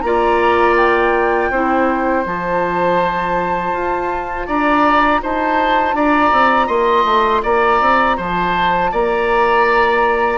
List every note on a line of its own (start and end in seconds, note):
0.00 1.50 A#3
0.00 1.52 F4
0.00 1.51 D5
0.00 0.74 A#5
0.77 2.25 G5
1.50 2.24 C4
1.50 2.25 E4
1.50 4.46 C5
2.25 3.72 F3
2.25 10.37 F4
2.25 4.47 A5
3.72 4.46 F4
4.46 5.22 D4
4.46 5.20 D5
4.46 5.21 A#5
5.22 5.94 D#4
5.22 5.95 C5
5.22 5.96 A5
5.94 6.31 D4
5.94 6.67 D5
5.94 6.67 A#5
6.32 6.68 C4
6.67 7.04 A#3
6.67 7.41 D#5
6.67 7.42 C6
7.04 7.41 A3
7.42 7.80 A#3
7.42 8.16 D5
7.42 8.18 A#5
7.80 8.17 C4
8.16 8.92 F3
8.16 8.90 C5
8.16 8.93 A5
8.91 10.37 A#3
8.91 10.37 D5
8.91 10.37 A#5